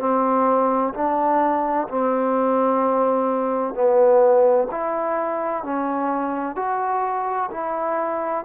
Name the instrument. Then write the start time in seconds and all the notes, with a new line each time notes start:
trombone
0.00 C4
0.94 D4
1.89 C4
3.75 B3
4.71 E4
5.64 C#4
6.56 F#4
7.51 E4